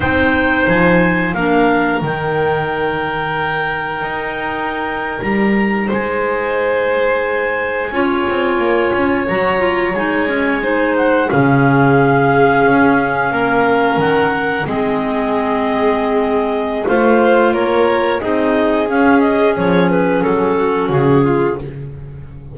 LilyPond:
<<
  \new Staff \with { instrumentName = "clarinet" } { \time 4/4 \tempo 4 = 89 g''4 gis''4 f''4 g''4~ | g''2.~ g''8. ais''16~ | ais''8. gis''2.~ gis''16~ | gis''4.~ gis''16 ais''4 gis''4~ gis''16~ |
gis''16 fis''8 f''2.~ f''16~ | f''8. fis''4 dis''2~ dis''16~ | dis''4 f''4 cis''4 dis''4 | f''8 dis''8 cis''8 b'8 a'4 gis'4 | }
  \new Staff \with { instrumentName = "violin" } { \time 4/4 c''2 ais'2~ | ais'1~ | ais'8. c''2. cis''16~ | cis''2.~ cis''8. c''16~ |
c''8. gis'2. ais'16~ | ais'4.~ ais'16 gis'2~ gis'16~ | gis'4 c''4 ais'4 gis'4~ | gis'2~ gis'8 fis'4 f'8 | }
  \new Staff \with { instrumentName = "clarinet" } { \time 4/4 dis'2 d'4 dis'4~ | dis'1~ | dis'2.~ dis'8. f'16~ | f'4.~ f'16 fis'8 f'8 dis'8 cis'8 dis'16~ |
dis'8. cis'2.~ cis'16~ | cis'4.~ cis'16 c'2~ c'16~ | c'4 f'2 dis'4 | cis'1 | }
  \new Staff \with { instrumentName = "double bass" } { \time 4/4 c'4 f4 ais4 dis4~ | dis2 dis'4.~ dis'16 g16~ | g8. gis2. cis'16~ | cis'16 c'8 ais8 cis'8 fis4 gis4~ gis16~ |
gis8. cis2 cis'4 ais16~ | ais8. dis4 gis2~ gis16~ | gis4 a4 ais4 c'4 | cis'4 f4 fis4 cis4 | }
>>